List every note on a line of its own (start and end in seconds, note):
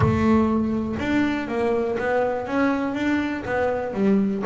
0.00 0.95 A3
0.99 1.48 D4
1.48 1.97 A#3
1.98 2.46 B3
2.46 2.94 C#4
2.94 3.43 D4
3.45 3.93 B3
3.93 4.42 G3